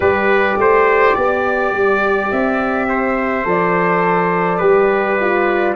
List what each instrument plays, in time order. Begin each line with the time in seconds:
0.00 tuba G3, horn G4, trumpet B4, flute D5
0.57 tuba A3, trumpet C5
1.15 tuba B3, trumpet D5
1.72 tuba G3
2.31 tuba C4, flute E5
2.88 trumpet C5
3.44 tuba F3, horn A4, flute D5
4.58 tuba G3, horn G4, trumpet B4
5.20 horn F4